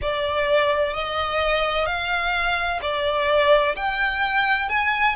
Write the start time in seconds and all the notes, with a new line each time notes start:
0.01 D5
0.93 D#5
1.86 F5
2.81 D5
3.75 G5
4.69 G#5